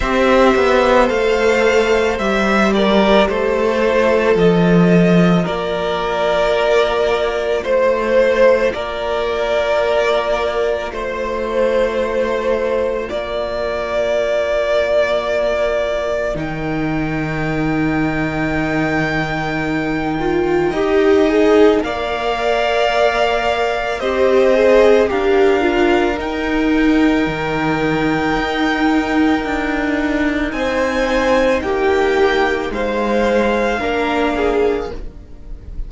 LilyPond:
<<
  \new Staff \with { instrumentName = "violin" } { \time 4/4 \tempo 4 = 55 e''4 f''4 e''8 d''8 c''4 | dis''4 d''2 c''4 | d''2 c''2 | d''2. g''4~ |
g''1 | f''2 dis''4 f''4 | g''1 | gis''4 g''4 f''2 | }
  \new Staff \with { instrumentName = "violin" } { \time 4/4 c''2~ c''8 ais'8 a'4~ | a'4 ais'2 c''4 | ais'2 c''2 | ais'1~ |
ais'2. dis''4 | d''2 c''4 ais'4~ | ais'1 | c''4 g'4 c''4 ais'8 gis'8 | }
  \new Staff \with { instrumentName = "viola" } { \time 4/4 g'4 a'4 g'4. f'8~ | f'1~ | f'1~ | f'2. dis'4~ |
dis'2~ dis'8 f'8 g'8 gis'8 | ais'2 g'8 gis'8 g'8 f'8 | dis'1~ | dis'2. d'4 | }
  \new Staff \with { instrumentName = "cello" } { \time 4/4 c'8 b8 a4 g4 a4 | f4 ais2 a4 | ais2 a2 | ais2. dis4~ |
dis2. dis'4 | ais2 c'4 d'4 | dis'4 dis4 dis'4 d'4 | c'4 ais4 gis4 ais4 | }
>>